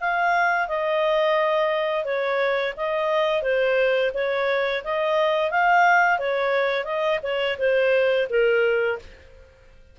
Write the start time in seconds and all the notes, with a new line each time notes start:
0.00 F5
0.68 D#5
2.04 C#5
2.76 D#5
3.42 C5
4.14 C#5
4.84 D#5
5.50 F5
6.18 C#5
6.84 D#5
7.23 C#5
7.58 C5
8.29 A#4